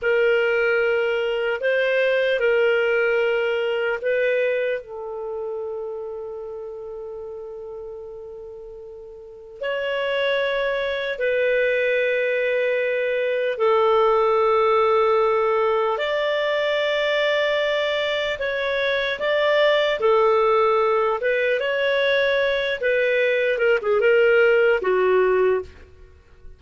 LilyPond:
\new Staff \with { instrumentName = "clarinet" } { \time 4/4 \tempo 4 = 75 ais'2 c''4 ais'4~ | ais'4 b'4 a'2~ | a'1 | cis''2 b'2~ |
b'4 a'2. | d''2. cis''4 | d''4 a'4. b'8 cis''4~ | cis''8 b'4 ais'16 gis'16 ais'4 fis'4 | }